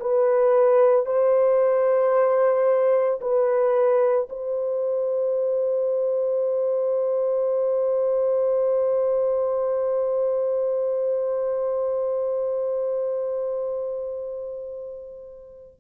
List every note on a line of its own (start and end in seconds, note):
0.00 1.06 B4
1.06 3.20 C5
3.21 4.28 B4
4.30 15.80 C5